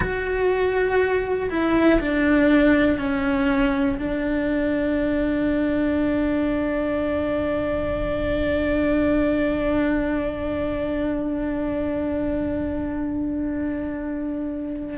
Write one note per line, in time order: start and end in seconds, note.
0.00 1.50 F#4
1.50 2.00 E4
2.00 2.98 D4
2.98 3.98 C#4
3.98 14.97 D4